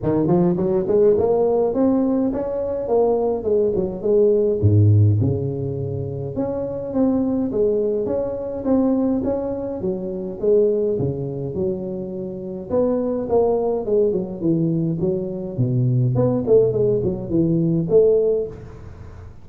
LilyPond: \new Staff \with { instrumentName = "tuba" } { \time 4/4 \tempo 4 = 104 dis8 f8 fis8 gis8 ais4 c'4 | cis'4 ais4 gis8 fis8 gis4 | gis,4 cis2 cis'4 | c'4 gis4 cis'4 c'4 |
cis'4 fis4 gis4 cis4 | fis2 b4 ais4 | gis8 fis8 e4 fis4 b,4 | b8 a8 gis8 fis8 e4 a4 | }